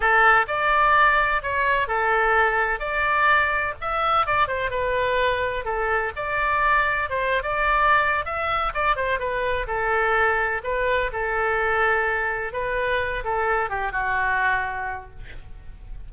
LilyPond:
\new Staff \with { instrumentName = "oboe" } { \time 4/4 \tempo 4 = 127 a'4 d''2 cis''4 | a'2 d''2 | e''4 d''8 c''8 b'2 | a'4 d''2 c''8. d''16~ |
d''4. e''4 d''8 c''8 b'8~ | b'8 a'2 b'4 a'8~ | a'2~ a'8 b'4. | a'4 g'8 fis'2~ fis'8 | }